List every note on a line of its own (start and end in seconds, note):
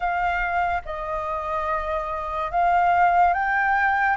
0.00 0.82 F5
0.85 2.51 D#5
2.51 3.33 F5
3.33 4.17 G5